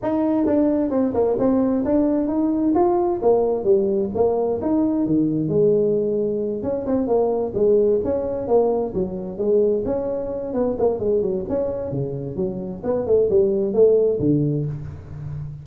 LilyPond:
\new Staff \with { instrumentName = "tuba" } { \time 4/4 \tempo 4 = 131 dis'4 d'4 c'8 ais8 c'4 | d'4 dis'4 f'4 ais4 | g4 ais4 dis'4 dis4 | gis2~ gis8 cis'8 c'8 ais8~ |
ais8 gis4 cis'4 ais4 fis8~ | fis8 gis4 cis'4. b8 ais8 | gis8 fis8 cis'4 cis4 fis4 | b8 a8 g4 a4 d4 | }